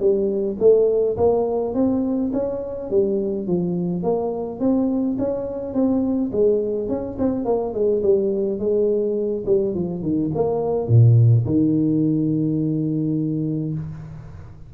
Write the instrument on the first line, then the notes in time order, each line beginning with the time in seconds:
tuba
0.00 G3
0.60 A3
1.17 A#3
1.74 C4
2.34 C#4
2.91 G3
3.48 F3
4.03 A#3
4.60 C4
5.19 C#4
5.74 C4
6.32 G#3
6.89 C#4
7.19 C4
7.45 A#3
7.74 G#3
8.03 G3
8.59 G#3
9.46 G3
9.75 F3
10.02 D#3
10.35 A#3
10.88 A#2
11.46 D#3